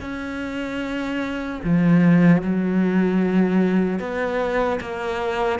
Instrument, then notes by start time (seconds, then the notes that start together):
cello
0.00 C#4
1.64 F3
2.41 F#3
3.99 B3
4.80 A#3